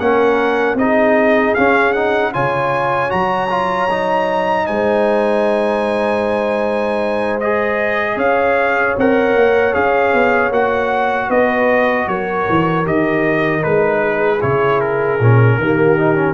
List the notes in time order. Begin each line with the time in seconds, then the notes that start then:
0.00 A#3 C#4 A#4 F#5
0.75 C4 D#4 G#4 D#5
1.55 C#4 F5
1.94 D#4 F#5
2.33 C#3 F4 C#5 G#5
3.10 F#3 F#4 A#5
3.50 F4
3.91 D#4
4.67 G#3 C5 G#5
7.41 G#4 D#5
8.16 C#4 C#5 F5
8.98 C4 A#4 F#5
9.36 A#3
9.74 C#4 G#4 F5
10.14 B3
10.51 A#3 F#4 F#5
11.29 B3 B4 D#5
12.08 F#3 A#4 C#5
12.50 E3
12.85 D#3 G4 D#5
13.61 G#3 D#4 B4
14.02 G#4
14.41 C#3 E4 C#5
14.81 A#4
15.20 A#2 C#4
15.58 D#3 A#3 G4
15.98 D#4
16.16 C#4